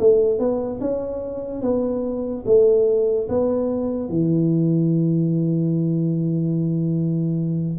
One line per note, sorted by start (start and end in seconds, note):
0.00 0.39 A3
0.39 0.80 B3
0.81 1.62 C#4
1.62 2.44 B3
2.46 3.28 A3
3.29 4.09 B3
4.09 7.79 E3